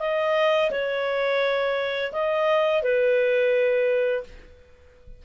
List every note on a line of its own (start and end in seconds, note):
0.00 0.71 D#5
0.71 2.12 C#5
2.13 2.83 D#5
2.83 4.24 B4